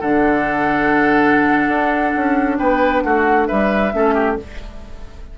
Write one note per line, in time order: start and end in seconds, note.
0.00 1.68 D3
0.00 3.93 D4
0.00 2.57 A4
0.00 2.58 F#5
1.68 2.13 D4
2.17 2.59 C#4
2.58 3.04 B3
2.58 3.04 B4
2.58 3.03 G5
3.03 3.49 A3
3.03 3.48 F#4
3.03 3.47 F#5
3.47 3.94 G3
3.47 3.93 B4
3.47 4.37 E5
3.93 4.39 A3
3.93 4.38 C#4
3.93 4.14 A4
4.14 4.37 G4